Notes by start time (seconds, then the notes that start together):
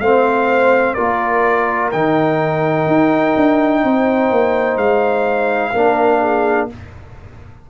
0.00 A3 C4 C5 F5
0.94 A#3 F4 A#4 D5
1.91 D#3 D#4 G5
2.87 D#4
3.36 D4
3.83 C4 C5
4.31 A#3
4.76 G#3 F5
5.72 A#3 D4 A#4
6.20 G#4